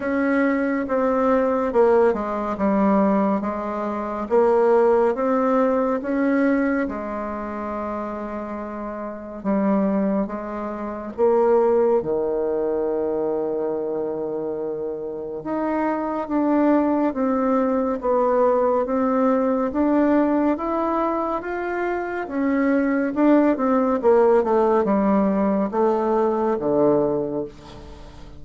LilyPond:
\new Staff \with { instrumentName = "bassoon" } { \time 4/4 \tempo 4 = 70 cis'4 c'4 ais8 gis8 g4 | gis4 ais4 c'4 cis'4 | gis2. g4 | gis4 ais4 dis2~ |
dis2 dis'4 d'4 | c'4 b4 c'4 d'4 | e'4 f'4 cis'4 d'8 c'8 | ais8 a8 g4 a4 d4 | }